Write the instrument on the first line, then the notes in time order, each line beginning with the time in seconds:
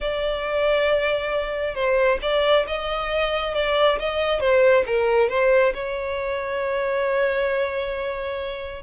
violin
0.01 D5
1.74 C5
2.22 D5
2.67 D#5
3.54 D5
3.99 D#5
4.39 C5
4.86 A#4
5.29 C5
5.74 C#5